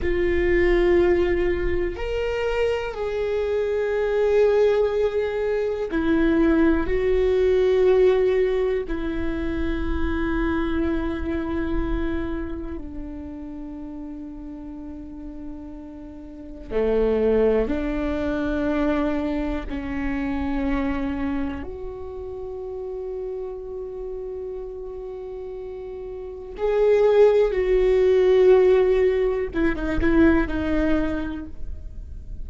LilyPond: \new Staff \with { instrumentName = "viola" } { \time 4/4 \tempo 4 = 61 f'2 ais'4 gis'4~ | gis'2 e'4 fis'4~ | fis'4 e'2.~ | e'4 d'2.~ |
d'4 a4 d'2 | cis'2 fis'2~ | fis'2. gis'4 | fis'2 e'16 dis'16 e'8 dis'4 | }